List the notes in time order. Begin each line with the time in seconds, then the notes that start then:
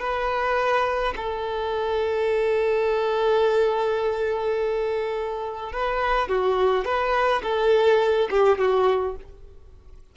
0.00 B4
1.17 A4
5.73 B4
6.29 F#4
6.85 B4
7.43 A4
8.31 G4
8.59 F#4